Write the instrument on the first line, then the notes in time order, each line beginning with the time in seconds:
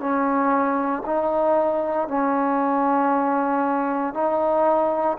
trombone
0.00 C#4
1.06 D#4
2.08 C#4
4.14 D#4